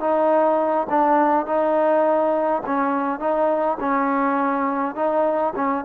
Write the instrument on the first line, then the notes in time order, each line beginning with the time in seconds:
trombone
0.00 D#4
0.90 D4
1.46 D#4
2.66 C#4
3.20 D#4
3.80 C#4
4.95 D#4
5.56 C#4